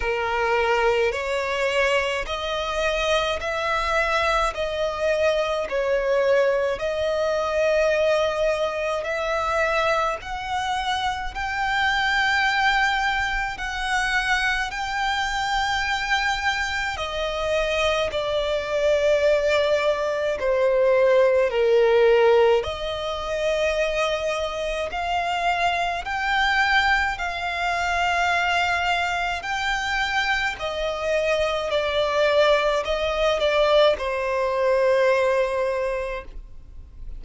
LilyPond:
\new Staff \with { instrumentName = "violin" } { \time 4/4 \tempo 4 = 53 ais'4 cis''4 dis''4 e''4 | dis''4 cis''4 dis''2 | e''4 fis''4 g''2 | fis''4 g''2 dis''4 |
d''2 c''4 ais'4 | dis''2 f''4 g''4 | f''2 g''4 dis''4 | d''4 dis''8 d''8 c''2 | }